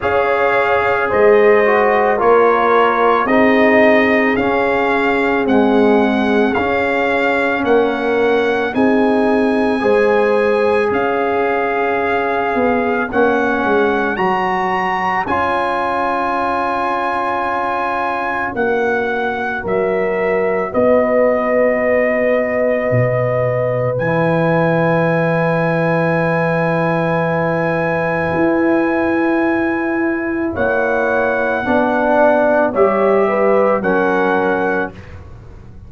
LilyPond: <<
  \new Staff \with { instrumentName = "trumpet" } { \time 4/4 \tempo 4 = 55 f''4 dis''4 cis''4 dis''4 | f''4 fis''4 f''4 fis''4 | gis''2 f''2 | fis''4 ais''4 gis''2~ |
gis''4 fis''4 e''4 dis''4~ | dis''2 gis''2~ | gis''1 | fis''2 e''4 fis''4 | }
  \new Staff \with { instrumentName = "horn" } { \time 4/4 cis''4 c''4 ais'4 gis'4~ | gis'2. ais'4 | gis'4 c''4 cis''2~ | cis''1~ |
cis''2 ais'4 b'4~ | b'1~ | b'1 | cis''4 d''4 cis''8 b'8 ais'4 | }
  \new Staff \with { instrumentName = "trombone" } { \time 4/4 gis'4. fis'8 f'4 dis'4 | cis'4 gis4 cis'2 | dis'4 gis'2. | cis'4 fis'4 f'2~ |
f'4 fis'2.~ | fis'2 e'2~ | e'1~ | e'4 d'4 g'4 cis'4 | }
  \new Staff \with { instrumentName = "tuba" } { \time 4/4 cis'4 gis4 ais4 c'4 | cis'4 c'4 cis'4 ais4 | c'4 gis4 cis'4. b8 | ais8 gis8 fis4 cis'2~ |
cis'4 ais4 fis4 b4~ | b4 b,4 e2~ | e2 e'2 | ais4 b4 g4 fis4 | }
>>